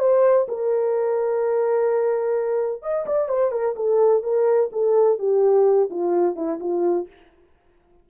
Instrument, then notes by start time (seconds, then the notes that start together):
horn
0.00 C5
0.49 A#4
2.82 D#5
3.06 D5
3.29 C5
3.52 A#4
3.76 A4
4.23 A#4
4.73 A4
5.19 G4
5.91 F4
6.36 E4
6.60 F4